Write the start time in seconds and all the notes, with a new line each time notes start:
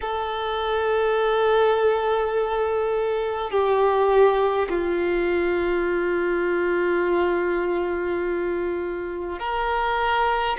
0.01 A4
3.50 G4
4.69 F4
9.39 A#4